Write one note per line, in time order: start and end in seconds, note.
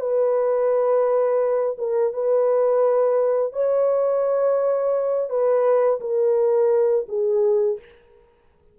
0.00 1.76 B4
1.78 2.13 A#4
2.13 3.53 B4
3.53 5.30 C#5
5.30 6.00 B4
6.01 7.07 A#4
7.09 7.79 G#4